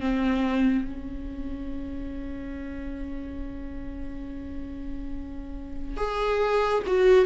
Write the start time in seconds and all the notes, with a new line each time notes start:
0.00 C4
0.85 C#4
5.97 G#4
6.87 F#4